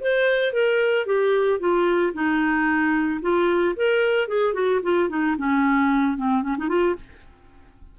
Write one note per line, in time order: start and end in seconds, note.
0.00 0.52 C5
0.52 1.06 A#4
1.06 1.59 G4
1.59 2.13 F4
2.13 3.20 D#4
3.21 3.75 F4
3.75 4.28 A#4
4.28 4.53 G#4
4.53 4.80 F#4
4.83 5.09 F4
5.09 5.36 D#4
5.37 6.17 C#4
6.17 6.43 C4
6.43 6.56 C#4
6.58 6.68 D#4
6.68 6.95 F4